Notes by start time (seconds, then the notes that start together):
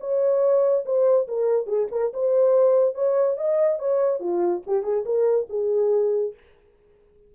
0.00 C#5
0.85 C5
1.28 A#4
1.66 G#4
1.91 A#4
2.13 C5
2.94 C#5
3.37 D#5
3.79 C#5
4.20 F4
4.67 G4
4.83 G#4
5.05 A#4
5.49 G#4